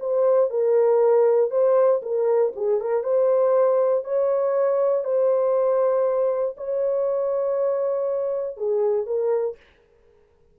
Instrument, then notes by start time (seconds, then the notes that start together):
horn
0.00 C5
0.50 A#4
1.51 C5
2.03 A#4
2.56 G#4
2.81 A#4
3.04 C5
4.04 C#5
5.04 C5
6.58 C#5
8.57 G#4
9.06 A#4